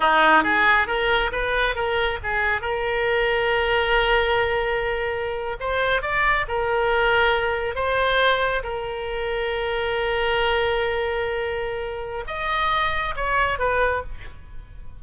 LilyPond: \new Staff \with { instrumentName = "oboe" } { \time 4/4 \tempo 4 = 137 dis'4 gis'4 ais'4 b'4 | ais'4 gis'4 ais'2~ | ais'1~ | ais'8. c''4 d''4 ais'4~ ais'16~ |
ais'4.~ ais'16 c''2 ais'16~ | ais'1~ | ais'1 | dis''2 cis''4 b'4 | }